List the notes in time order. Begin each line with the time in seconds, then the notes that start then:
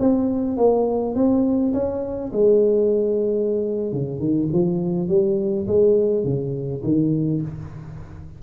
0.00 C4
0.57 A#3
1.15 C4
1.74 C#4
2.33 G#3
3.92 C#3
4.20 D#3
4.53 F3
5.09 G3
5.67 G#3
6.25 C#3
6.84 D#3